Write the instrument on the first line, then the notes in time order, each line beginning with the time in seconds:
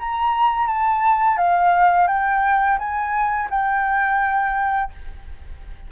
flute
0.00 A#5
0.67 A5
1.38 F5
2.08 G5
2.79 G#5
3.50 G5